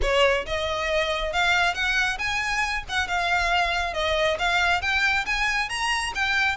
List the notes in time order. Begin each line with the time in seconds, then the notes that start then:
0.02 C#5
0.46 D#5
1.32 F5
1.74 F#5
2.18 G#5
2.88 F#5
3.07 F5
3.93 D#5
4.39 F5
4.81 G5
5.26 G#5
5.69 A#5
6.14 G5